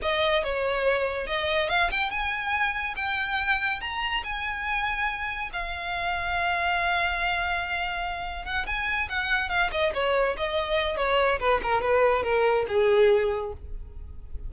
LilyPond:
\new Staff \with { instrumentName = "violin" } { \time 4/4 \tempo 4 = 142 dis''4 cis''2 dis''4 | f''8 g''8 gis''2 g''4~ | g''4 ais''4 gis''2~ | gis''4 f''2.~ |
f''1 | fis''8 gis''4 fis''4 f''8 dis''8 cis''8~ | cis''8 dis''4. cis''4 b'8 ais'8 | b'4 ais'4 gis'2 | }